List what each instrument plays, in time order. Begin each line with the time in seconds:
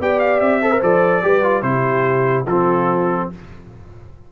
0.00 tuba B3, trombone G4, horn D5, trumpet G5
0.20 trumpet F5
0.41 tuba C4, trumpet E5
0.62 trombone A4, horn C5
0.71 trombone A#4
0.83 tuba F3, trombone A4, trumpet D5
1.23 tuba G3, trombone G4, horn B4
1.43 trombone F4
1.62 tuba C3, trombone E4, horn G4, trumpet C5
2.47 tuba F3, trombone C4, horn F4, trumpet A4